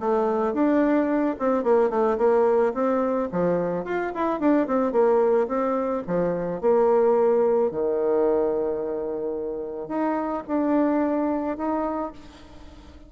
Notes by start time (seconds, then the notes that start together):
0.00 A3
0.54 D4
1.39 C4
1.64 A#3
1.90 A3
2.18 A#3
2.74 C4
3.32 F3
3.85 F4
4.15 E4
4.40 D4
4.67 C4
4.92 A#3
5.48 C4
6.07 F3
6.61 A#3
7.71 D#3
9.88 D#4
10.47 D4
11.57 D#4